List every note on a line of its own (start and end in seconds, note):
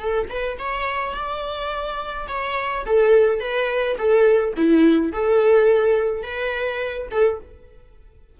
0.00 0.28 A4
0.30 0.58 B4
0.59 1.14 C#5
1.14 2.28 D5
2.28 2.85 C#5
2.86 3.41 A4
3.41 3.97 B4
3.98 4.55 A4
4.57 5.13 E4
5.13 6.23 A4
6.23 7.08 B4
7.12 7.40 A4